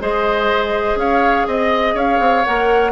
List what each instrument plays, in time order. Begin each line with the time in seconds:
0.00 bassoon G#3, clarinet G#4, oboe C5, flute D#5
0.96 bassoon C#4, oboe C#5, flute F5
1.48 bassoon C4, oboe D#5, flute D#5
1.95 bassoon C#4, oboe C#5, flute F5
2.20 bassoon C4
2.45 bassoon A#3, clarinet A#4, flute F#5